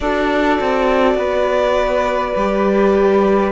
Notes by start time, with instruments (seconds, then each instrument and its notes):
0.00 cello D4, viola F#4, flute A4, violin D5
0.60 cello C4
1.14 cello B3, flute B4
2.36 cello G3, viola G4